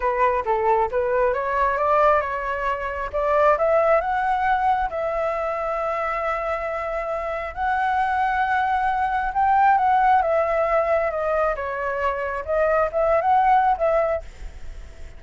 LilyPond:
\new Staff \with { instrumentName = "flute" } { \time 4/4 \tempo 4 = 135 b'4 a'4 b'4 cis''4 | d''4 cis''2 d''4 | e''4 fis''2 e''4~ | e''1~ |
e''4 fis''2.~ | fis''4 g''4 fis''4 e''4~ | e''4 dis''4 cis''2 | dis''4 e''8. fis''4~ fis''16 e''4 | }